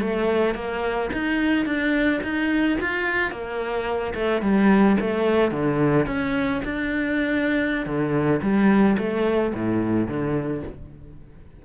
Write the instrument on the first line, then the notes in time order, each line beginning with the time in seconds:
cello
0.00 A3
0.55 A#3
1.13 D#4
1.66 D4
2.23 D#4
2.81 F4
3.31 A#3
4.14 A3
4.42 G3
5.00 A3
5.51 D3
6.07 C#4
6.64 D4
7.86 D3
8.42 G3
8.98 A3
9.54 A2
10.08 D3